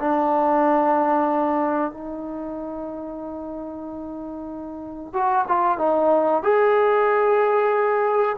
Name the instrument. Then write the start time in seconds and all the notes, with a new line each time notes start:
trombone
0.00 D4
1.92 D#4
5.13 F#4
5.48 F4
5.79 D#4
6.43 G#4